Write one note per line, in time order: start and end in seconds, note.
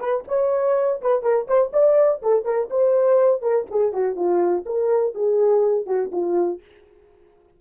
0.00 0.24 B4
0.28 1.01 C#5
1.02 1.23 B4
1.23 1.47 A#4
1.47 1.72 C5
1.73 2.22 D5
2.23 2.45 A4
2.45 2.69 A#4
2.70 3.42 C5
3.42 3.66 A#4
3.71 3.93 G#4
3.93 4.16 F#4
4.16 4.65 F4
4.66 5.15 A#4
5.15 5.86 G#4
5.86 6.11 F#4
6.12 6.61 F4